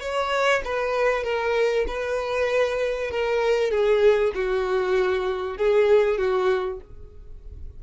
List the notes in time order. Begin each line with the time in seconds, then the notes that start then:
0.00 C#5
0.64 B4
1.23 A#4
1.87 B4
3.10 A#4
3.70 G#4
4.34 F#4
5.57 G#4
6.17 F#4